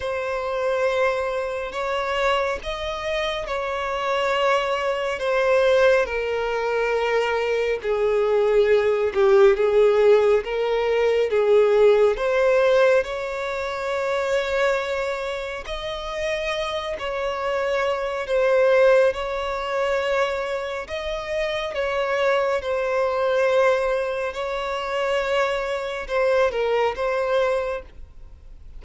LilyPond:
\new Staff \with { instrumentName = "violin" } { \time 4/4 \tempo 4 = 69 c''2 cis''4 dis''4 | cis''2 c''4 ais'4~ | ais'4 gis'4. g'8 gis'4 | ais'4 gis'4 c''4 cis''4~ |
cis''2 dis''4. cis''8~ | cis''4 c''4 cis''2 | dis''4 cis''4 c''2 | cis''2 c''8 ais'8 c''4 | }